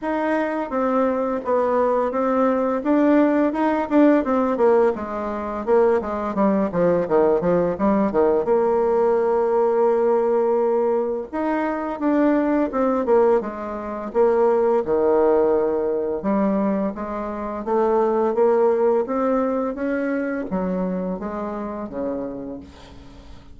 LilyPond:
\new Staff \with { instrumentName = "bassoon" } { \time 4/4 \tempo 4 = 85 dis'4 c'4 b4 c'4 | d'4 dis'8 d'8 c'8 ais8 gis4 | ais8 gis8 g8 f8 dis8 f8 g8 dis8 | ais1 |
dis'4 d'4 c'8 ais8 gis4 | ais4 dis2 g4 | gis4 a4 ais4 c'4 | cis'4 fis4 gis4 cis4 | }